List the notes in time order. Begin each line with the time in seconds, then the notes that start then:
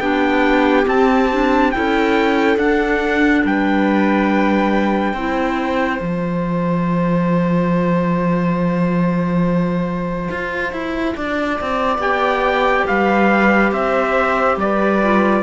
0.00 B3 D4 G4 G5
0.85 C4 A5
1.32 D4
1.72 E4 A4 G5
1.78 C#4
2.57 D4 F#5
3.44 G3 B4 G5
5.14 C4 E4 C5
6.01 F3 F4 A5
10.31 F4
10.73 E4
11.16 D4 D5
11.61 C4
11.99 B3 G4 G5
12.87 G3 B4 F5
13.72 C4 C5 E5
14.57 G3 B4 D5
15.03 F4